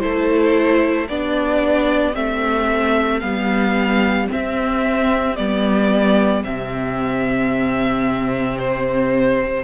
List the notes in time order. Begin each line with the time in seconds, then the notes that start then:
0.00 A3 E4 A4 C5
1.09 B3 D4 G4 D5
2.14 A3 C4 E5
3.20 G3 B3 F5
4.29 C4 E5
5.36 G3 B3 D5
6.44 C3 C4 E5
8.58 C5